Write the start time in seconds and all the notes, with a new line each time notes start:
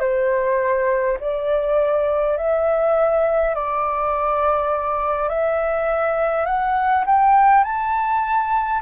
0.00 C5
1.20 D5
2.37 E5
3.55 D5
5.29 E5
6.46 F#5
7.06 G5
7.64 A5